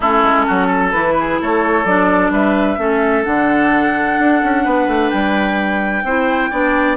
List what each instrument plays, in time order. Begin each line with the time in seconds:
0.00 bassoon A3, clarinet C#4, oboe E4, flute A4
0.22 bassoon G#3
0.47 bassoon F#3, oboe F#4
0.66 oboe A4
0.91 bassoon E3, clarinet E4, flute B4
1.19 oboe G#4
1.41 bassoon A3, oboe A4, flute C#5
1.84 bassoon F#3, clarinet D4, flute D5
2.30 bassoon G3, oboe B4, flute E5
2.78 bassoon A3, clarinet C#4, oboe A4
3.24 bassoon D3, clarinet D4, flute F#5
4.18 bassoon D4
4.43 bassoon C#4
4.63 bassoon B3, oboe B4
4.87 bassoon A3
5.10 bassoon G3, flute G5
6.03 bassoon C4, clarinet E4, oboe C5
6.50 bassoon B3, clarinet D4, oboe D5